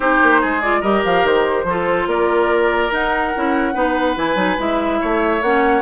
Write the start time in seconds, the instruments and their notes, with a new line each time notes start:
0.00 bassoon C4, clarinet D#4, oboe G4, flute C5
0.22 bassoon A#3
0.41 bassoon G#3, oboe G#4
0.61 clarinet F4, flute D5
0.80 bassoon G3, clarinet G4, oboe A#4, flute D#5
1.04 bassoon F3, flute F5
1.23 bassoon D#3, flute C5
1.64 bassoon F3, clarinet F4, oboe A4
2.06 bassoon A#3, oboe A#4, flute D5
2.90 clarinet D#4, bassoon D#4, flute F#5
3.35 bassoon C#4, clarinet E4
3.74 bassoon B3, clarinet D#4, oboe B4
4.16 bassoon E3, clarinet E4, flute G#5
4.35 bassoon F#3, clarinet D#4
4.58 bassoon G#3, clarinet E4, flute E5
5.00 bassoon A3, oboe C#5
5.41 bassoon A#3, clarinet C#4, flute F#5